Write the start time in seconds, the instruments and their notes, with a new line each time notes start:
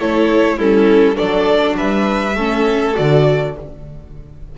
0.00 double bass A3, viola E4, violin A4 C#5
0.57 double bass G3, viola C#4, violin E4 A4
1.15 double bass F#3, viola D4, violin A4 D5
1.77 double bass G3, violin B4 E5
2.36 double bass A3, viola C#4, violin A4
2.95 double bass D3, viola F#4, violin D5